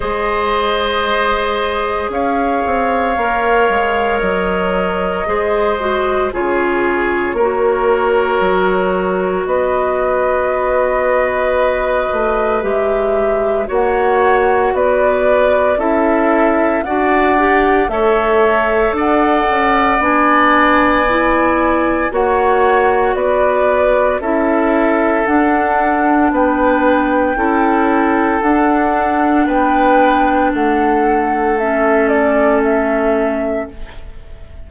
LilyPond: <<
  \new Staff \with { instrumentName = "flute" } { \time 4/4 \tempo 4 = 57 dis''2 f''2 | dis''2 cis''2~ | cis''4 dis''2. | e''4 fis''4 d''4 e''4 |
fis''4 e''4 fis''4 gis''4~ | gis''4 fis''4 d''4 e''4 | fis''4 g''2 fis''4 | g''4 fis''4 e''8 d''8 e''4 | }
  \new Staff \with { instrumentName = "oboe" } { \time 4/4 c''2 cis''2~ | cis''4 c''4 gis'4 ais'4~ | ais'4 b'2.~ | b'4 cis''4 b'4 a'4 |
d''4 cis''4 d''2~ | d''4 cis''4 b'4 a'4~ | a'4 b'4 a'2 | b'4 a'2. | }
  \new Staff \with { instrumentName = "clarinet" } { \time 4/4 gis'2. ais'4~ | ais'4 gis'8 fis'8 f'4 fis'4~ | fis'1 | g'4 fis'2 e'4 |
fis'8 g'8 a'2 d'4 | e'4 fis'2 e'4 | d'2 e'4 d'4~ | d'2 cis'2 | }
  \new Staff \with { instrumentName = "bassoon" } { \time 4/4 gis2 cis'8 c'8 ais8 gis8 | fis4 gis4 cis4 ais4 | fis4 b2~ b8 a8 | gis4 ais4 b4 cis'4 |
d'4 a4 d'8 cis'8 b4~ | b4 ais4 b4 cis'4 | d'4 b4 cis'4 d'4 | b4 a2. | }
>>